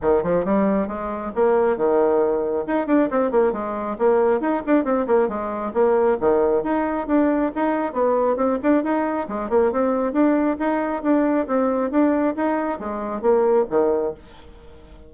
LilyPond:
\new Staff \with { instrumentName = "bassoon" } { \time 4/4 \tempo 4 = 136 dis8 f8 g4 gis4 ais4 | dis2 dis'8 d'8 c'8 ais8 | gis4 ais4 dis'8 d'8 c'8 ais8 | gis4 ais4 dis4 dis'4 |
d'4 dis'4 b4 c'8 d'8 | dis'4 gis8 ais8 c'4 d'4 | dis'4 d'4 c'4 d'4 | dis'4 gis4 ais4 dis4 | }